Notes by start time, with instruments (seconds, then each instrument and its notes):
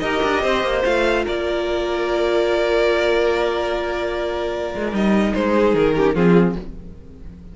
0.00 cello D#4, viola G4, violin A#4 D#5
0.24 cello D4
0.43 cello C4, violin C5
0.64 cello A#3
0.85 cello A3, viola F4, violin F5
1.24 cello A#3, violin A#4 D5
4.76 cello G#3
4.93 cello G3, viola D#4, violin D#5
5.35 cello G#3, violin C5
5.56 violin G#4
5.74 cello D#3, violin A#4
5.96 viola C#4, violin G4
6.15 cello F3, viola C4, violin F4 G#4